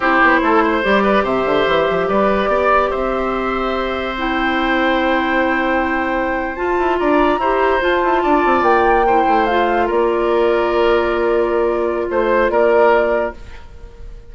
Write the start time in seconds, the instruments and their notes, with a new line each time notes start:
0.00 bassoon C4, clarinet E4, oboe G4, flute C5
0.22 bassoon B3
0.41 bassoon A3, oboe A4
0.63 oboe C5
0.82 bassoon G3, clarinet G4, flute D5
1.03 oboe B4
1.23 bassoon C3, oboe C5, flute E5
1.45 bassoon D3
1.66 bassoon E3
1.89 bassoon F3
2.08 bassoon G3, oboe B4, flute D5
2.47 bassoon B3, oboe D5
2.90 bassoon C4, oboe C5, flute E5
4.17 clarinet E4, flute G5
6.55 clarinet F4, bassoon F4, flute A5
6.78 bassoon E4
6.98 bassoon D4, oboe D5, flute A#5
7.37 bassoon E4, clarinet G4, oboe C5
7.80 clarinet F4, bassoon F4, flute A5
8.03 bassoon E4
8.22 bassoon D4, oboe D5
8.45 bassoon C4
8.62 bassoon A#3, flute G5
9.06 clarinet E4, oboe C5
9.27 bassoon A3
9.46 clarinet F4, flute F5
9.86 bassoon A#3, oboe A#4, flute D5
12.09 bassoon A3, flute C5, oboe C5
12.49 bassoon A#3, oboe A#4, flute D5